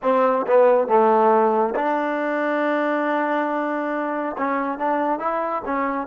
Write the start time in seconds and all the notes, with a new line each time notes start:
0.02 C4
0.46 B3
0.87 A3
1.75 D4
4.37 C#4
4.78 D4
5.19 E4
5.65 C#4